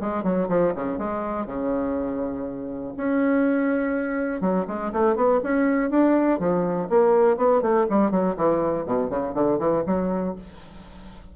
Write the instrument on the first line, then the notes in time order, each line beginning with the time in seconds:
bassoon
0.00 G#3
0.23 F#3
0.48 F3
0.75 C#3
0.98 G#3
1.46 C#3
2.97 C#4
4.40 F#3
4.67 G#3
4.92 A3
5.15 B3
5.43 C#4
5.90 D4
6.39 F3
6.89 A#3
7.37 B3
7.61 A3
7.89 G3
8.10 F#3
8.36 E3
8.85 B2
9.10 C#3
9.34 D3
9.59 E3
9.86 F#3